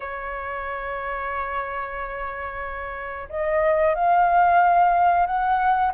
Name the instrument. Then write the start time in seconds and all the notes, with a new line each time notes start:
flute
0.00 C#5
3.29 D#5
3.94 F5
5.26 F#5